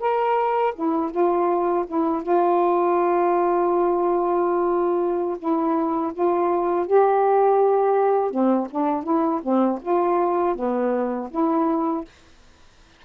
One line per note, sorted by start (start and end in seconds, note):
0.00 0.74 A#4
0.75 1.11 E4
1.11 1.86 F4
1.87 2.23 E4
2.23 5.38 F4
5.39 6.13 E4
6.13 6.87 F4
6.87 8.31 G4
8.31 8.68 C4
8.71 9.04 D4
9.04 9.41 E4
9.43 9.80 C4
9.82 10.56 F4
10.56 11.30 B3
11.31 12.05 E4